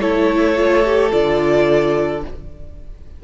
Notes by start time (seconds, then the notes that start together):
0.00 A3 E4 A4 C#5
0.56 F4
0.84 G4
1.11 D3 F4 D5